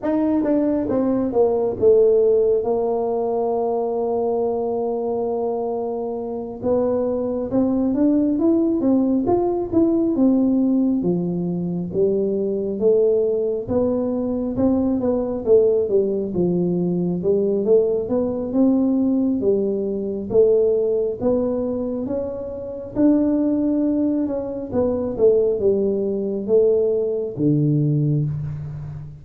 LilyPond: \new Staff \with { instrumentName = "tuba" } { \time 4/4 \tempo 4 = 68 dis'8 d'8 c'8 ais8 a4 ais4~ | ais2.~ ais8 b8~ | b8 c'8 d'8 e'8 c'8 f'8 e'8 c'8~ | c'8 f4 g4 a4 b8~ |
b8 c'8 b8 a8 g8 f4 g8 | a8 b8 c'4 g4 a4 | b4 cis'4 d'4. cis'8 | b8 a8 g4 a4 d4 | }